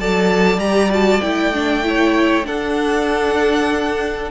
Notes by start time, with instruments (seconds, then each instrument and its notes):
0.00 cello F#3, viola A4, violin D5 A5
0.58 cello G3, viola G4, violin A#5
0.90 viola F#4, violin A5
1.21 cello A3, viola E4, violin G5
1.54 viola D4
1.83 viola E4, violin C#5
2.44 viola D4, cello D4, violin A4 F#5